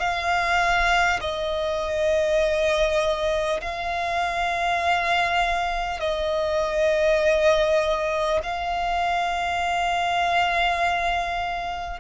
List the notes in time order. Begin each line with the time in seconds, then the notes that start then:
0.00 F5
1.21 D#5
3.61 F5
6.00 D#5
8.43 F5